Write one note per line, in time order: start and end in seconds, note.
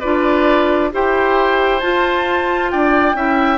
0.00 0.93 D4
0.00 0.92 F4
0.00 0.90 B4
0.00 0.90 D5
0.92 1.82 E4
0.92 1.81 G4
0.92 2.72 C5
0.92 1.79 G5
1.79 3.15 F4
1.79 2.72 F4
1.79 2.69 A5
2.70 3.15 D4
2.70 3.16 D5
2.70 3.58 G5
3.15 3.58 C#4
3.15 3.58 E4
3.15 3.58 E5